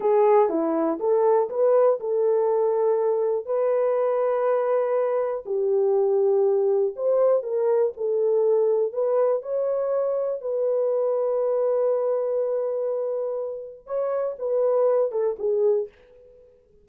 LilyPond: \new Staff \with { instrumentName = "horn" } { \time 4/4 \tempo 4 = 121 gis'4 e'4 a'4 b'4 | a'2. b'4~ | b'2. g'4~ | g'2 c''4 ais'4 |
a'2 b'4 cis''4~ | cis''4 b'2.~ | b'1 | cis''4 b'4. a'8 gis'4 | }